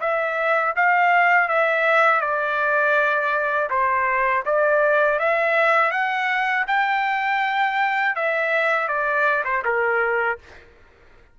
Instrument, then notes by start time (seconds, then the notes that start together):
trumpet
0.00 E5
0.75 F5
1.48 E5
2.21 D5
3.70 C5
4.45 D5
5.19 E5
5.91 F#5
6.67 G5
8.15 E5
8.88 D5
9.44 C5
9.64 A#4